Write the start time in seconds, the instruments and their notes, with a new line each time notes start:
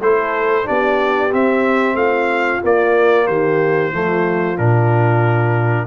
0.00 tuba A3, trombone E4, horn A4, trumpet C5
0.64 tuba B3, trombone D4, horn G4, trumpet D5
1.32 trombone C4, tuba C4, trumpet E5
1.94 tuba A3, horn F4, trumpet F5
2.62 trombone A#3, tuba A#3, trumpet D5
3.27 tuba D#3, horn G4, trumpet C5
3.91 tuba F3, trombone A3, horn F4
4.57 tuba A#2, trombone D4, trumpet A#4